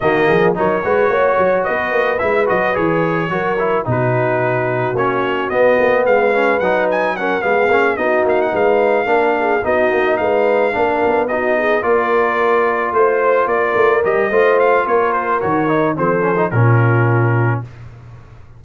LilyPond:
<<
  \new Staff \with { instrumentName = "trumpet" } { \time 4/4 \tempo 4 = 109 dis''4 cis''2 dis''4 | e''8 dis''8 cis''2 b'4~ | b'4 cis''4 dis''4 f''4 | fis''8 gis''8 fis''8 f''4 dis''8 f''16 fis''16 f''8~ |
f''4. dis''4 f''4.~ | f''8 dis''4 d''2 c''8~ | c''8 d''4 dis''4 f''8 cis''8 c''8 | cis''4 c''4 ais'2 | }
  \new Staff \with { instrumentName = "horn" } { \time 4/4 fis'8 gis'8 ais'8 b'8 cis''4 b'4~ | b'2 ais'4 fis'4~ | fis'2. b'4~ | b'4 ais'8 gis'4 fis'4 b'8~ |
b'8 ais'8 gis'8 fis'4 b'4 ais'8~ | ais'8 fis'8 gis'8 ais'2 c''8~ | c''8 ais'4. c''4 ais'4~ | ais'4 a'4 f'2 | }
  \new Staff \with { instrumentName = "trombone" } { \time 4/4 ais4 dis'8 fis'2~ fis'8 | e'8 fis'8 gis'4 fis'8 e'8 dis'4~ | dis'4 cis'4 b4. cis'8 | dis'4 cis'8 b8 cis'8 dis'4.~ |
dis'8 d'4 dis'2 d'8~ | d'8 dis'4 f'2~ f'8~ | f'4. g'8 f'2 | fis'8 dis'8 c'8 cis'16 dis'16 cis'2 | }
  \new Staff \with { instrumentName = "tuba" } { \time 4/4 dis8 f8 fis8 gis8 ais8 fis8 b8 ais8 | gis8 fis8 e4 fis4 b,4~ | b,4 ais4 b8 ais8 gis4 | fis4. gis8 ais8 b8 ais8 gis8~ |
gis8 ais4 b8 ais8 gis4 ais8 | b4. ais2 a8~ | a8 ais8 a8 g8 a4 ais4 | dis4 f4 ais,2 | }
>>